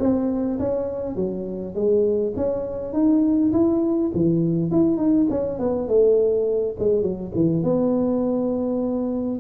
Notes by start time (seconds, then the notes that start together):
0.00 C4
0.60 C#4
1.16 F#3
1.75 G#3
2.37 C#4
2.94 D#4
3.53 E4
4.14 E3
4.72 E4
4.98 D#4
5.30 C#4
5.60 B3
5.88 A3
6.80 G#3
7.03 F#3
7.35 E3
7.64 B3